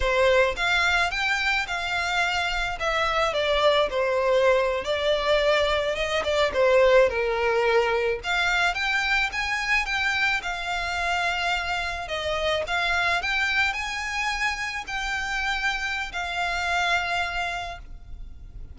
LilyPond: \new Staff \with { instrumentName = "violin" } { \time 4/4 \tempo 4 = 108 c''4 f''4 g''4 f''4~ | f''4 e''4 d''4 c''4~ | c''8. d''2 dis''8 d''8 c''16~ | c''8. ais'2 f''4 g''16~ |
g''8. gis''4 g''4 f''4~ f''16~ | f''4.~ f''16 dis''4 f''4 g''16~ | g''8. gis''2 g''4~ g''16~ | g''4 f''2. | }